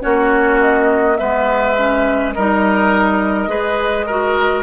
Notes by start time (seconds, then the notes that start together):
0.00 A#3 C#4 F#4 C#5
0.60 D#5
1.17 G#3 B3 B4 E5
1.76 C#4
2.33 G3 D#4 A#4 D#5
3.47 G#3 G#4 B4
4.06 F#4 A#4